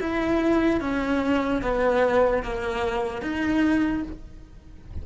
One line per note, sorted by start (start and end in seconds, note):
0.00 0.81 E4
0.81 1.62 C#4
1.62 2.43 B3
2.43 3.22 A#3
3.22 4.03 D#4